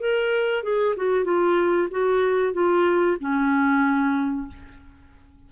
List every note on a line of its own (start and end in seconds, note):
0.00 0.64 A#4
0.64 0.95 G#4
0.97 1.25 F#4
1.25 1.89 F4
1.91 2.54 F#4
2.54 3.18 F4
3.20 4.48 C#4